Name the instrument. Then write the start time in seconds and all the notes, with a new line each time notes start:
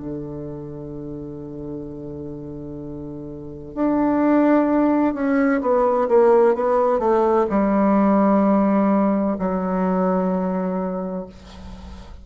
bassoon
0.00 D3
3.75 D4
5.14 C#4
5.62 B3
6.09 A#3
6.55 B3
6.99 A3
7.50 G3
9.39 F#3